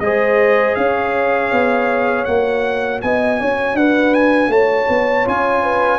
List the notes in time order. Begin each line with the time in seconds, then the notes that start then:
0.00 G#3 G#4 C5 D#5
0.75 C#4 C#5 F5
1.52 B3
2.25 A#3 F#4 F#5
3.02 B3 D#5 G#5
3.41 C#4 C#5
3.74 D4 B4 F#5
4.15 G#5
4.49 A3 C#5 A5
4.89 B3
5.25 C#4 F4 G#5
5.63 B4